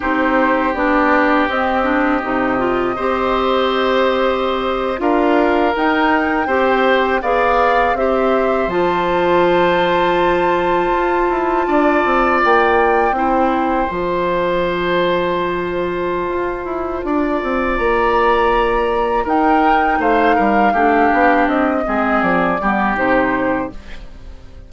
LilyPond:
<<
  \new Staff \with { instrumentName = "flute" } { \time 4/4 \tempo 4 = 81 c''4 d''4 dis''2~ | dis''2~ dis''8. f''4 g''16~ | g''4.~ g''16 f''4 e''4 a''16~ | a''1~ |
a''8. g''2 a''4~ a''16~ | a''1 | ais''2 g''4 f''4~ | f''4 dis''4 d''4 c''4 | }
  \new Staff \with { instrumentName = "oboe" } { \time 4/4 g'1 | c''2~ c''8. ais'4~ ais'16~ | ais'8. c''4 d''4 c''4~ c''16~ | c''2.~ c''8. d''16~ |
d''4.~ d''16 c''2~ c''16~ | c''2. d''4~ | d''2 ais'4 c''8 ais'8 | g'4. gis'4 g'4. | }
  \new Staff \with { instrumentName = "clarinet" } { \time 4/4 dis'4 d'4 c'8 d'8 dis'8 f'8 | g'2~ g'8. f'4 dis'16~ | dis'8. g'4 gis'4 g'4 f'16~ | f'1~ |
f'4.~ f'16 e'4 f'4~ f'16~ | f'1~ | f'2 dis'2 | d'4. c'4 b8 dis'4 | }
  \new Staff \with { instrumentName = "bassoon" } { \time 4/4 c'4 b4 c'4 c4 | c'2~ c'8. d'4 dis'16~ | dis'8. c'4 b4 c'4 f16~ | f2~ f8. f'8 e'8 d'16~ |
d'16 c'8 ais4 c'4 f4~ f16~ | f2 f'8 e'8 d'8 c'8 | ais2 dis'4 a8 g8 | a8 b8 c'8 gis8 f8 g8 c4 | }
>>